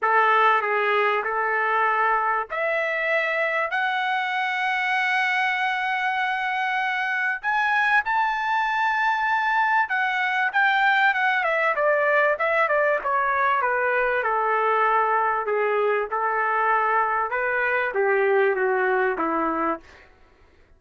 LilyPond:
\new Staff \with { instrumentName = "trumpet" } { \time 4/4 \tempo 4 = 97 a'4 gis'4 a'2 | e''2 fis''2~ | fis''1 | gis''4 a''2. |
fis''4 g''4 fis''8 e''8 d''4 | e''8 d''8 cis''4 b'4 a'4~ | a'4 gis'4 a'2 | b'4 g'4 fis'4 e'4 | }